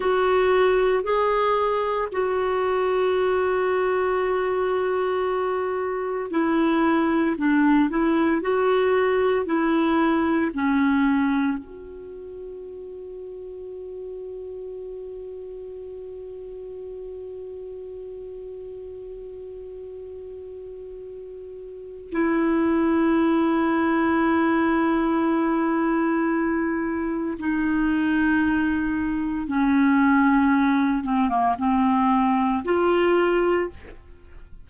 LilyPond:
\new Staff \with { instrumentName = "clarinet" } { \time 4/4 \tempo 4 = 57 fis'4 gis'4 fis'2~ | fis'2 e'4 d'8 e'8 | fis'4 e'4 cis'4 fis'4~ | fis'1~ |
fis'1~ | fis'4 e'2.~ | e'2 dis'2 | cis'4. c'16 ais16 c'4 f'4 | }